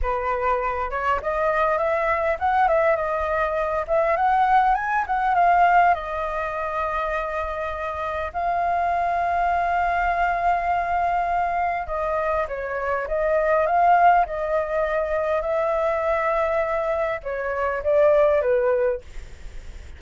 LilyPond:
\new Staff \with { instrumentName = "flute" } { \time 4/4 \tempo 4 = 101 b'4. cis''8 dis''4 e''4 | fis''8 e''8 dis''4. e''8 fis''4 | gis''8 fis''8 f''4 dis''2~ | dis''2 f''2~ |
f''1 | dis''4 cis''4 dis''4 f''4 | dis''2 e''2~ | e''4 cis''4 d''4 b'4 | }